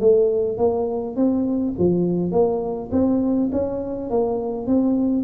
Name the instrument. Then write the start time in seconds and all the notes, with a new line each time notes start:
tuba
0.00 A3
0.57 A#3
1.16 C4
1.78 F3
2.32 A#3
2.92 C4
3.52 C#4
4.10 A#3
4.67 C4